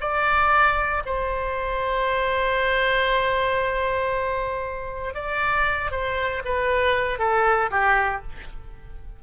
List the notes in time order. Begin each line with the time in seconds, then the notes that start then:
0.00 D5
1.05 C5
5.14 D5
5.91 C5
6.44 B4
7.18 A4
7.70 G4